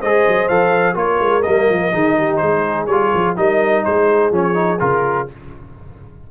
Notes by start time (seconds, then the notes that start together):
0.00 G#3 G#4 C5 D#5
0.28 F#3
0.49 F3 A4 F5
0.94 A#3 F4 A#4 C#5
1.20 G#3
1.43 G3 A#3 D#5
1.70 F3
1.92 D#3 D#4 G#4
2.18 G4
2.37 G#3 G#4 C5
2.87 G3 F4 C#5
3.15 F3
3.37 G3 D#4 A#4 D#5
3.85 G#3 G#4 C5
4.32 F3 C#4 C#5
4.55 D#4
4.80 C#3 F4 A#4